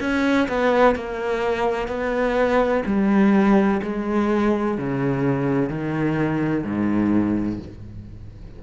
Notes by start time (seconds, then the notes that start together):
0.00 C#4
0.48 B3
0.95 A#3
1.87 B3
2.85 G3
3.82 G#3
4.77 C#3
5.69 D#3
6.63 G#2